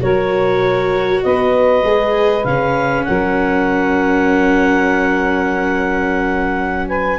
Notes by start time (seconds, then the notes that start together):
0.00 F#3 F#4 A#4 C#5
1.23 B3 B4 D#5
1.83 G#3 G#4
2.44 C#3 C#4 F5
3.04 F#3 A#4 F#5
6.88 B4 G#5